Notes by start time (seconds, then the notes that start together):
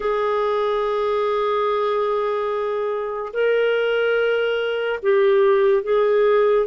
0.00 G#4
3.33 A#4
5.02 G4
5.83 G#4